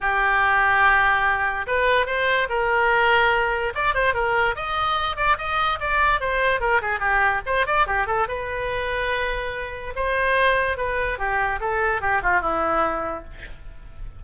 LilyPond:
\new Staff \with { instrumentName = "oboe" } { \time 4/4 \tempo 4 = 145 g'1 | b'4 c''4 ais'2~ | ais'4 d''8 c''8 ais'4 dis''4~ | dis''8 d''8 dis''4 d''4 c''4 |
ais'8 gis'8 g'4 c''8 d''8 g'8 a'8 | b'1 | c''2 b'4 g'4 | a'4 g'8 f'8 e'2 | }